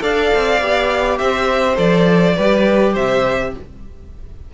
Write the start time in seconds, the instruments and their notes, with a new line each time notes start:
0.00 cello D4, viola A4, violin D5 F5
0.35 cello C4
0.61 cello B3, viola G4
1.18 cello C4, violin C5 E5
1.76 cello F3, viola A4, violin D5
2.36 cello G3, viola G4, violin B4
2.93 cello C3, violin C5 E5